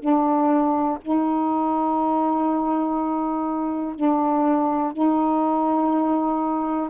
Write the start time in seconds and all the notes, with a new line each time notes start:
0.00 D4
1.02 D#4
3.96 D4
4.94 D#4